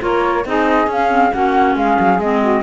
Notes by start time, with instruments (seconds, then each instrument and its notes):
0.00 cello A#3, clarinet F4, saxophone A#4, flute C#5
0.45 cello C4, clarinet D#4, saxophone G#4, flute D#5
0.87 cello C#4, clarinet C#4, flute F5
1.10 clarinet C4
1.33 cello A#3, clarinet C#4, saxophone F#4, flute F#5
1.76 cello G#3, saxophone G#4, flute F5
2.00 cello F#3
2.18 cello G#3, clarinet C4, flute D#5
2.41 saxophone F#4